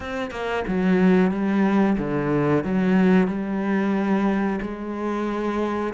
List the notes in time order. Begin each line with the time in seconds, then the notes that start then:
0.00 C4
0.31 A#3
0.67 F#3
1.31 G3
1.98 D3
2.64 F#3
3.27 G3
4.61 G#3